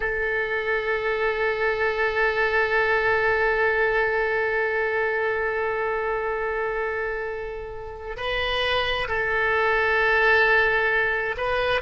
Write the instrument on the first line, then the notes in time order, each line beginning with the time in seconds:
oboe
0.00 A4
8.17 B4
9.08 A4
11.37 B4